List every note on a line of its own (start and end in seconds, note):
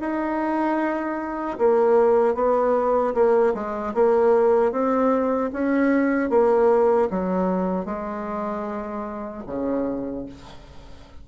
0.00 1.58 D#4
1.58 2.35 A#3
2.35 3.14 B3
3.14 3.53 A#3
3.54 3.93 G#3
3.94 4.72 A#3
4.72 5.50 C4
5.53 6.29 C#4
6.29 7.08 A#3
7.10 7.86 F#3
7.86 9.43 G#3
9.47 10.26 C#3